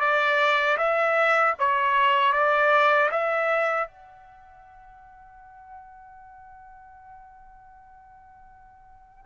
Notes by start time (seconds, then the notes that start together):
0.00 D5
0.77 E5
1.59 C#5
2.32 D5
3.11 E5
3.87 F#5